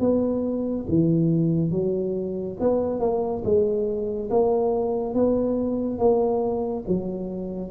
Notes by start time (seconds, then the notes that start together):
0.00 B3
0.88 E3
1.71 F#3
2.60 B3
3.00 A#3
3.44 G#3
4.30 A#3
5.14 B3
5.99 A#3
6.87 F#3